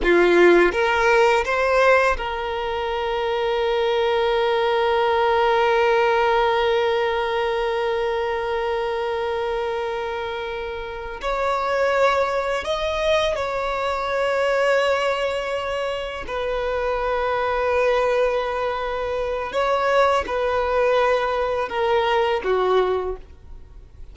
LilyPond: \new Staff \with { instrumentName = "violin" } { \time 4/4 \tempo 4 = 83 f'4 ais'4 c''4 ais'4~ | ais'1~ | ais'1~ | ais'2.~ ais'8 cis''8~ |
cis''4. dis''4 cis''4.~ | cis''2~ cis''8 b'4.~ | b'2. cis''4 | b'2 ais'4 fis'4 | }